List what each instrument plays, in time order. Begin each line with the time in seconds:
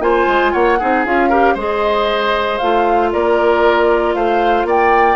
0.00 bassoon A#3, clarinet F4, oboe C5, flute G#5
0.27 bassoon G#3
0.52 bassoon A#3, oboe C#5, flute F#5
0.79 bassoon C4, clarinet D#4, oboe G#4
1.05 bassoon C#4, clarinet F4, flute F5
1.29 clarinet G4, oboe A#4
1.54 bassoon G#3, clarinet G#4, oboe C5, flute D#5
2.58 bassoon A3, clarinet F4, flute F5
3.11 bassoon A#3, oboe A#4, flute D5
4.14 bassoon A3, oboe C5, flute F5
4.64 bassoon A#3, oboe D5, flute G5